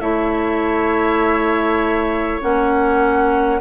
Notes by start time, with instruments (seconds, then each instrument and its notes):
0.00 bassoon A3, clarinet E4, oboe C#5, flute E5
2.41 bassoon A#3, clarinet C#4, flute F#5